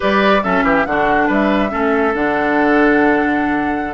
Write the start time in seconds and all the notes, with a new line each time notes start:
0.00 G3 G4 B4 D5
0.43 F#3 C#4 A4 E5
0.63 E3 G4
0.85 D3 D4 F#4 F#5
1.27 G3 B4 E5
1.70 A3 C#4 A4
2.14 D3 D4 F#5